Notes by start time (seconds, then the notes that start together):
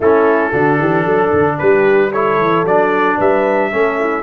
0.00 A3 C#4 E4 A4
0.52 D3 D4 F#4
0.79 E3 G4
1.05 F#3 A4
1.32 D3
1.58 G3 G4 B4
2.11 E4 A4 C#5
2.38 E3
2.64 F#3 D4 D5
3.17 G3 B4 E5
3.71 A3 C#4 A4
3.99 E4